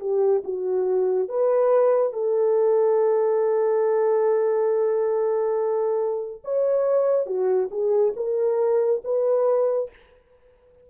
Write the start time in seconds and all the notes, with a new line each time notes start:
0.00 G4
0.44 F#4
1.29 B4
2.13 A4
6.44 C#5
7.27 F#4
7.71 G#4
8.17 A#4
9.05 B4